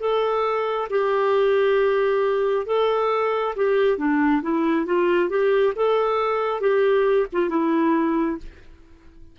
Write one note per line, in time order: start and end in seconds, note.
0.00 0.88 A4
0.90 2.66 G4
2.66 3.55 A4
3.56 3.98 G4
3.98 4.42 D4
4.42 4.86 E4
4.86 5.29 F4
5.29 5.74 G4
5.76 6.61 A4
6.61 7.27 G4
7.33 7.50 F4
7.50 8.38 E4